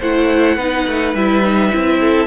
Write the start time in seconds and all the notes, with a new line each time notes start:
0.00 A3 E4 C5 F#5
0.56 B3 D#4 B4
0.87 A3
1.14 G3 E4 E5
1.44 D#4
1.72 C4 E4
2.00 A4